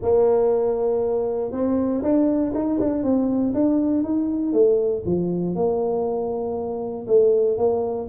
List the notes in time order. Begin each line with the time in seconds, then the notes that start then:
0.01 A#3
1.51 C4
2.02 D4
2.54 D#4
2.80 D4
3.03 C4
3.54 D4
4.03 D#4
4.52 A3
5.05 F3
5.55 A#3
7.07 A3
7.57 A#3